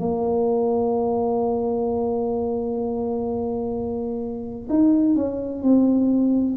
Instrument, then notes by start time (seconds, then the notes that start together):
tuba
0.00 A#3
4.70 D#4
5.16 C#4
5.63 C4